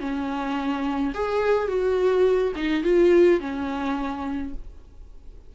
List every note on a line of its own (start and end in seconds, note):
0.00 1.13 C#4
1.14 1.68 G#4
1.68 2.53 F#4
2.56 2.84 D#4
2.84 3.40 F4
3.40 4.53 C#4